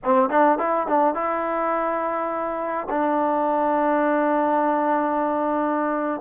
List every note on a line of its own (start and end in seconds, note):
0.03 0.29 C4
0.29 0.58 D4
0.58 0.87 E4
0.87 1.14 D4
1.14 2.87 E4
2.89 6.21 D4